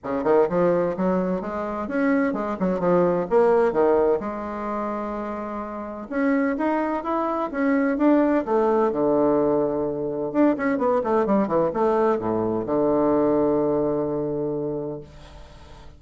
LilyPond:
\new Staff \with { instrumentName = "bassoon" } { \time 4/4 \tempo 4 = 128 cis8 dis8 f4 fis4 gis4 | cis'4 gis8 fis8 f4 ais4 | dis4 gis2.~ | gis4 cis'4 dis'4 e'4 |
cis'4 d'4 a4 d4~ | d2 d'8 cis'8 b8 a8 | g8 e8 a4 a,4 d4~ | d1 | }